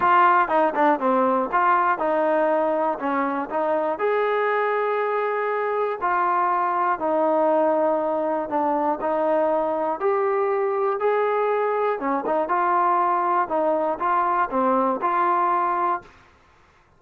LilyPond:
\new Staff \with { instrumentName = "trombone" } { \time 4/4 \tempo 4 = 120 f'4 dis'8 d'8 c'4 f'4 | dis'2 cis'4 dis'4 | gis'1 | f'2 dis'2~ |
dis'4 d'4 dis'2 | g'2 gis'2 | cis'8 dis'8 f'2 dis'4 | f'4 c'4 f'2 | }